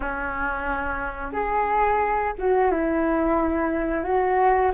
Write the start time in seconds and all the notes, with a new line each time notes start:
0.00 C#4
1.32 G#4
2.38 F#4
2.71 E4
4.04 F#4